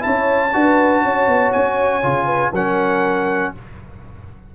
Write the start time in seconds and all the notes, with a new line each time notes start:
0.00 E4 C#5 A5
0.06 C#4
0.53 D4 F#4 B4
1.03 C#4 C#5
1.28 B3
1.52 C#4 G#5
2.03 C#3 F4
2.25 B4
2.53 F#3 C#4 A#4 F#5